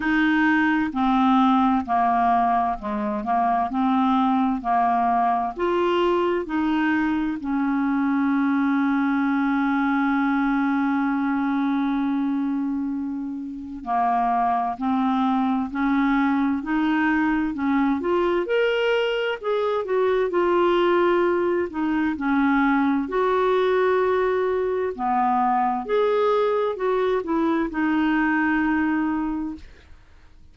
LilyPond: \new Staff \with { instrumentName = "clarinet" } { \time 4/4 \tempo 4 = 65 dis'4 c'4 ais4 gis8 ais8 | c'4 ais4 f'4 dis'4 | cis'1~ | cis'2. ais4 |
c'4 cis'4 dis'4 cis'8 f'8 | ais'4 gis'8 fis'8 f'4. dis'8 | cis'4 fis'2 b4 | gis'4 fis'8 e'8 dis'2 | }